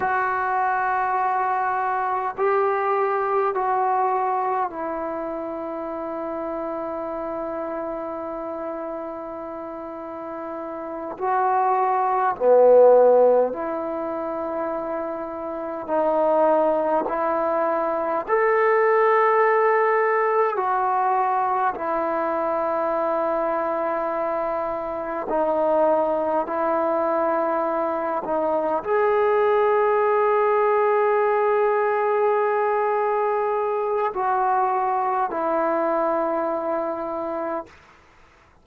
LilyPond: \new Staff \with { instrumentName = "trombone" } { \time 4/4 \tempo 4 = 51 fis'2 g'4 fis'4 | e'1~ | e'4. fis'4 b4 e'8~ | e'4. dis'4 e'4 a'8~ |
a'4. fis'4 e'4.~ | e'4. dis'4 e'4. | dis'8 gis'2.~ gis'8~ | gis'4 fis'4 e'2 | }